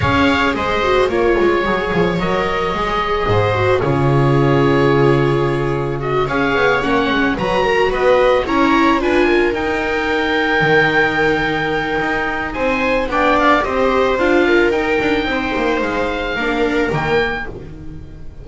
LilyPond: <<
  \new Staff \with { instrumentName = "oboe" } { \time 4/4 \tempo 4 = 110 f''4 dis''4 cis''2 | dis''2. cis''4~ | cis''2. dis''8 f''8~ | f''8 fis''4 ais''4 dis''4 ais''8~ |
ais''8 gis''4 g''2~ g''8~ | g''2. gis''4 | g''8 f''8 dis''4 f''4 g''4~ | g''4 f''2 g''4 | }
  \new Staff \with { instrumentName = "viola" } { \time 4/4 cis''4 c''4 cis''2~ | cis''2 c''4 gis'4~ | gis'2.~ gis'8 cis''8~ | cis''4. b'8 ais'8 b'4 cis''8~ |
cis''8 b'8 ais'2.~ | ais'2. c''4 | d''4 c''4. ais'4. | c''2 ais'2 | }
  \new Staff \with { instrumentName = "viola" } { \time 4/4 gis'4. fis'8 f'4 gis'4 | ais'4 gis'4. fis'8 f'4~ | f'2. fis'8 gis'8~ | gis'8 cis'4 fis'2 e'8~ |
e'8 f'4 dis'2~ dis'8~ | dis'1 | d'4 g'4 f'4 dis'4~ | dis'2 d'4 ais4 | }
  \new Staff \with { instrumentName = "double bass" } { \time 4/4 cis'4 gis4 ais8 gis8 fis8 f8 | fis4 gis4 gis,4 cis4~ | cis2.~ cis8 cis'8 | b8 ais8 gis8 fis4 b4 cis'8~ |
cis'8 d'4 dis'2 dis8~ | dis2 dis'4 c'4 | b4 c'4 d'4 dis'8 d'8 | c'8 ais8 gis4 ais4 dis4 | }
>>